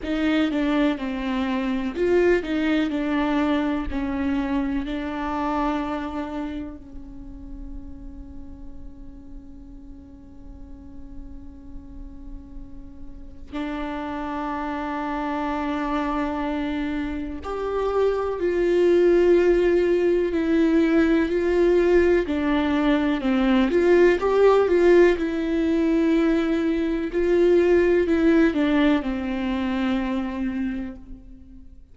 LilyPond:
\new Staff \with { instrumentName = "viola" } { \time 4/4 \tempo 4 = 62 dis'8 d'8 c'4 f'8 dis'8 d'4 | cis'4 d'2 cis'4~ | cis'1~ | cis'2 d'2~ |
d'2 g'4 f'4~ | f'4 e'4 f'4 d'4 | c'8 f'8 g'8 f'8 e'2 | f'4 e'8 d'8 c'2 | }